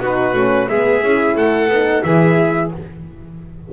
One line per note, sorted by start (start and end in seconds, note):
0.00 0.33 B3
0.00 0.35 D#4
0.00 0.69 F#4
0.00 0.69 B4
0.33 0.67 A3
0.33 0.69 C#4
0.69 1.02 G#3
0.69 1.03 B3
0.69 1.37 G#4
0.69 1.36 E5
1.02 1.35 C#4
1.02 1.71 E4
1.35 1.68 A3
1.35 2.04 A4
1.35 2.03 F#5
1.68 2.02 B3
1.68 2.05 D#4
2.03 2.72 E3
2.03 2.72 E4
2.03 2.73 G#4
2.03 2.70 E5